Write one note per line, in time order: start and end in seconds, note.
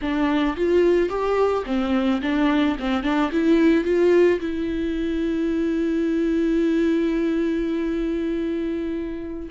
0.01 0.56 D4
0.56 1.09 F4
1.09 1.64 G4
1.66 2.21 C4
2.21 2.76 D4
2.79 3.03 C4
3.03 3.30 D4
3.32 3.84 E4
3.84 4.39 F4
4.40 9.49 E4